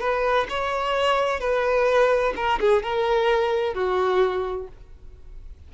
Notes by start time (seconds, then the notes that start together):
0.00 B4
0.49 C#5
1.40 B4
2.36 A#4
2.60 G#4
2.83 A#4
3.74 F#4